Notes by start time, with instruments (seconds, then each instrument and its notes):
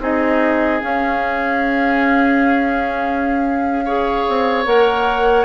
0.00 bassoon C4, clarinet D#4, oboe G#4, flute D#5
0.80 clarinet C#4, bassoon C#4, flute F5
3.85 clarinet G#4, oboe C#5
4.28 bassoon C4
4.65 bassoon A#3, clarinet A#4, flute F#5